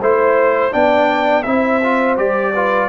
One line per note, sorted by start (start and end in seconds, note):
0.00 0.73 A3
0.00 0.72 E4
0.00 0.72 C5
0.00 0.73 C5
0.72 1.46 B3
0.72 1.44 D4
0.72 1.45 D5
0.72 1.43 G5
1.43 2.17 C4
1.43 1.82 E4
1.43 2.53 C5
1.43 2.15 E5
1.83 2.17 F4
2.17 2.89 G3
2.17 2.53 G4
2.17 2.89 D5
2.53 2.89 F4
2.53 2.89 B4